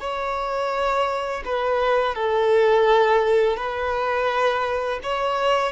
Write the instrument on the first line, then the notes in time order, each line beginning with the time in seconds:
violin
0.00 C#5
1.45 B4
2.15 A4
3.56 B4
5.03 C#5